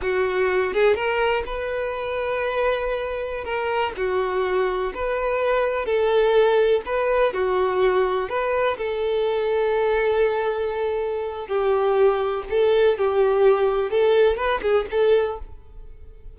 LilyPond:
\new Staff \with { instrumentName = "violin" } { \time 4/4 \tempo 4 = 125 fis'4. gis'8 ais'4 b'4~ | b'2.~ b'16 ais'8.~ | ais'16 fis'2 b'4.~ b'16~ | b'16 a'2 b'4 fis'8.~ |
fis'4~ fis'16 b'4 a'4.~ a'16~ | a'1 | g'2 a'4 g'4~ | g'4 a'4 b'8 gis'8 a'4 | }